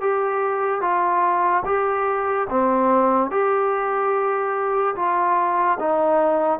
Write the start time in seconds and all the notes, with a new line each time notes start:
0.00 G4
0.81 F4
1.65 G4
2.50 C4
3.31 G4
4.96 F4
5.79 D#4